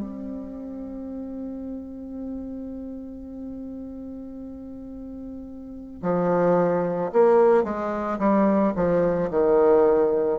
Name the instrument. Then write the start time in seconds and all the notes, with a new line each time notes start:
bassoon
0.00 C4
6.02 F3
7.13 A#3
7.64 G#3
8.19 G3
8.76 F3
9.31 D#3